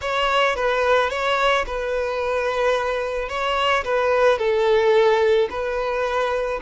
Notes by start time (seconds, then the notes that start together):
0.01 C#5
0.55 B4
1.10 C#5
1.66 B4
3.29 C#5
3.84 B4
4.38 A4
5.49 B4